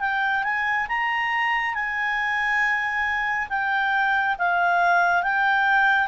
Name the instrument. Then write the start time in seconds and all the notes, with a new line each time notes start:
clarinet
0.00 G5
0.43 G#5
0.89 A#5
1.74 G#5
3.49 G5
4.38 F5
5.23 G5